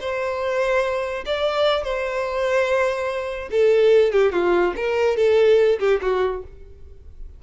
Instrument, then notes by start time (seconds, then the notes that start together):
violin
0.00 C5
1.26 D5
1.83 C5
3.51 A4
4.12 G4
4.32 F4
4.76 A#4
5.17 A4
5.79 G4
6.02 F#4